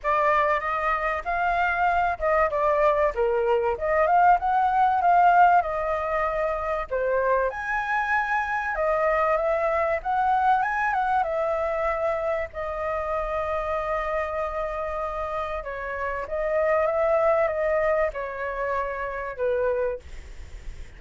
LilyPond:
\new Staff \with { instrumentName = "flute" } { \time 4/4 \tempo 4 = 96 d''4 dis''4 f''4. dis''8 | d''4 ais'4 dis''8 f''8 fis''4 | f''4 dis''2 c''4 | gis''2 dis''4 e''4 |
fis''4 gis''8 fis''8 e''2 | dis''1~ | dis''4 cis''4 dis''4 e''4 | dis''4 cis''2 b'4 | }